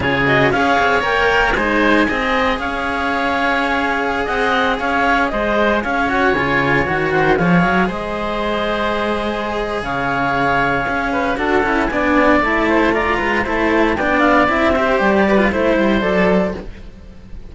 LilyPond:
<<
  \new Staff \with { instrumentName = "clarinet" } { \time 4/4 \tempo 4 = 116 cis''8 dis''8 f''4 g''4 gis''4~ | gis''4 f''2.~ | f''16 fis''4 f''4 dis''4 f''8 fis''16~ | fis''16 gis''4 fis''4 f''4 dis''8.~ |
dis''2. f''4~ | f''2 fis''4 gis''4 | a''4 ais''4 a''4 g''8 f''8 | e''4 d''4 c''4 d''4 | }
  \new Staff \with { instrumentName = "oboe" } { \time 4/4 gis'4 cis''2 c''4 | dis''4 cis''2.~ | cis''16 dis''4 cis''4 c''4 cis''8.~ | cis''4.~ cis''16 c''8 cis''4 c''8.~ |
c''2. cis''4~ | cis''4. b'8 a'4 d''4~ | d''8 c''8 d''8 b'8 c''4 d''4~ | d''8 c''4 b'8 c''2 | }
  \new Staff \with { instrumentName = "cello" } { \time 4/4 f'8 fis'8 gis'4 ais'4 dis'4 | gis'1~ | gis'2.~ gis'8. fis'16~ | fis'16 f'4 fis'4 gis'4.~ gis'16~ |
gis'1~ | gis'2 fis'8 e'8 d'4 | e'4 f'4 e'4 d'4 | e'8 g'4~ g'16 f'16 e'4 a'4 | }
  \new Staff \with { instrumentName = "cello" } { \time 4/4 cis4 cis'8 c'8 ais4 gis4 | c'4 cis'2.~ | cis'16 c'4 cis'4 gis4 cis'8.~ | cis'16 cis4 dis4 f8 fis8 gis8.~ |
gis2. cis4~ | cis4 cis'4 d'8 cis'8 b4 | a4. gis8 a4 b4 | c'4 g4 a8 g8 fis4 | }
>>